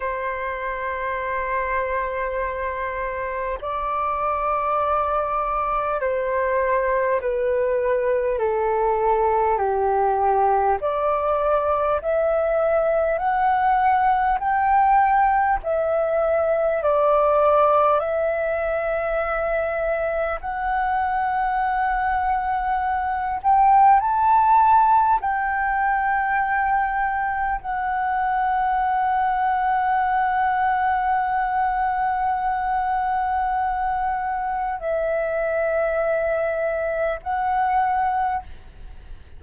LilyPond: \new Staff \with { instrumentName = "flute" } { \time 4/4 \tempo 4 = 50 c''2. d''4~ | d''4 c''4 b'4 a'4 | g'4 d''4 e''4 fis''4 | g''4 e''4 d''4 e''4~ |
e''4 fis''2~ fis''8 g''8 | a''4 g''2 fis''4~ | fis''1~ | fis''4 e''2 fis''4 | }